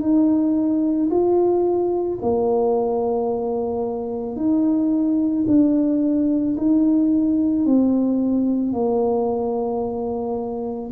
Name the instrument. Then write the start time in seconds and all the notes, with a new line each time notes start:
tuba
0.00 D#4
1.11 F4
2.22 A#3
4.36 D#4
5.47 D4
6.57 D#4
7.66 C4
8.73 A#3